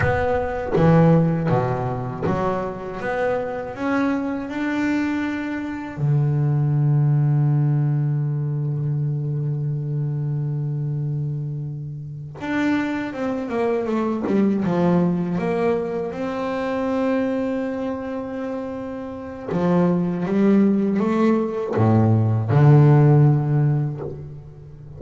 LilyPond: \new Staff \with { instrumentName = "double bass" } { \time 4/4 \tempo 4 = 80 b4 e4 b,4 fis4 | b4 cis'4 d'2 | d1~ | d1~ |
d8 d'4 c'8 ais8 a8 g8 f8~ | f8 ais4 c'2~ c'8~ | c'2 f4 g4 | a4 a,4 d2 | }